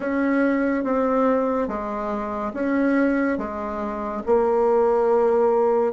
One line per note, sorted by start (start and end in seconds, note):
0.00 0.83 C#4
0.83 1.67 C4
1.67 2.52 G#3
2.53 3.38 C#4
3.38 4.22 G#3
4.26 5.92 A#3